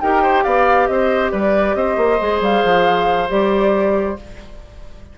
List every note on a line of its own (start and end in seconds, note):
0.00 0.45 D#4
0.00 2.19 G4
0.00 0.22 A#4
0.00 0.44 G5
0.22 0.44 C5
0.44 0.88 B3
0.44 0.87 D5
0.44 0.87 F5
0.87 1.32 C4
0.87 1.31 C5
0.87 1.30 D#5
1.31 1.75 G3
1.31 1.75 B4
1.31 1.74 D5
1.74 1.97 C4
1.74 4.18 C5
1.74 2.40 D#5
1.97 2.19 A#3
2.19 2.40 G#3
2.19 3.28 G#4
2.40 2.62 G3
2.40 3.30 F5
2.63 3.29 F3
3.28 4.18 G3
3.28 4.16 G4
3.28 4.18 D5